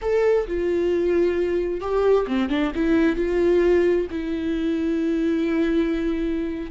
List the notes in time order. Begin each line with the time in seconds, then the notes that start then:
0.01 A4
0.47 F4
1.81 G4
2.27 C4
2.49 D4
2.74 E4
3.16 F4
4.10 E4